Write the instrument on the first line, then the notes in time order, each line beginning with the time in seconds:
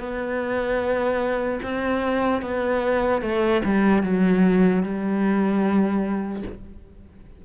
cello
0.00 B3
1.63 C4
2.42 B3
3.22 A3
3.65 G3
4.03 F#3
4.84 G3